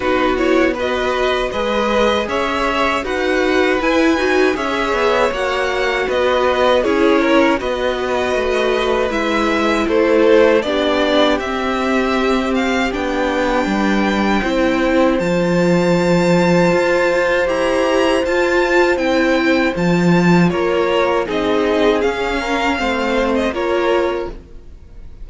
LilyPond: <<
  \new Staff \with { instrumentName = "violin" } { \time 4/4 \tempo 4 = 79 b'8 cis''8 dis''4 b'4 e''4 | fis''4 gis''4 e''4 fis''4 | dis''4 cis''4 dis''2 | e''4 c''4 d''4 e''4~ |
e''8 f''8 g''2. | a''2. ais''4 | a''4 g''4 a''4 cis''4 | dis''4 f''4.~ f''16 dis''16 cis''4 | }
  \new Staff \with { instrumentName = "violin" } { \time 4/4 fis'4 b'4 dis''4 cis''4 | b'2 cis''2 | b'4 gis'8 ais'8 b'2~ | b'4 a'4 g'2~ |
g'2 b'4 c''4~ | c''1~ | c''2. ais'4 | gis'4. ais'8 c''4 ais'4 | }
  \new Staff \with { instrumentName = "viola" } { \time 4/4 dis'8 e'8 fis'4 gis'2 | fis'4 e'8 fis'8 gis'4 fis'4~ | fis'4 e'4 fis'2 | e'2 d'4 c'4~ |
c'4 d'2 e'4 | f'2. g'4 | f'4 e'4 f'2 | dis'4 cis'4 c'4 f'4 | }
  \new Staff \with { instrumentName = "cello" } { \time 4/4 b2 gis4 cis'4 | dis'4 e'8 dis'8 cis'8 b8 ais4 | b4 cis'4 b4 a4 | gis4 a4 b4 c'4~ |
c'4 b4 g4 c'4 | f2 f'4 e'4 | f'4 c'4 f4 ais4 | c'4 cis'4 a4 ais4 | }
>>